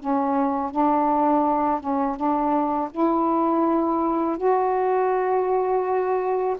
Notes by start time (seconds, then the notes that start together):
0.00 C#4
0.71 D4
1.81 C#4
2.17 D4
2.91 E4
4.37 F#4